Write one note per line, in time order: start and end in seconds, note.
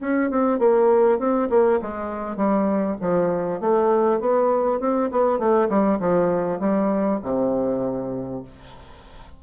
0.00 0.30 C#4
0.30 0.58 C4
0.58 1.18 A#3
1.18 1.48 C4
1.49 1.79 A#3
1.81 2.36 G#3
2.36 2.96 G3
3.00 3.60 F3
3.60 4.20 A3
4.20 4.80 B3
4.80 5.10 C4
5.11 5.38 B3
5.38 5.68 A3
5.69 5.99 G3
5.99 6.59 F3
6.59 7.19 G3
7.22 8.42 C3